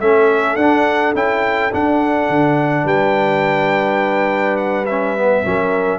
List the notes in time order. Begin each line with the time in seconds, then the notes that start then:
0.00 A3 C#4 A4 E5
0.56 D4 F#5
1.15 C#4 E4 G5
1.72 D4 F#5
2.29 D3
2.84 G3 B4 G5
4.57 F#5
4.86 C#4 E5
5.17 B3
5.45 F#3 C#4 A#4